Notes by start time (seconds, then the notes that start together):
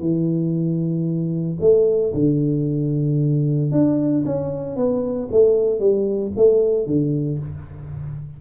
0.00 E3
1.61 A3
2.14 D3
3.72 D4
4.26 C#4
4.77 B3
5.32 A3
5.80 G3
6.37 A3
6.86 D3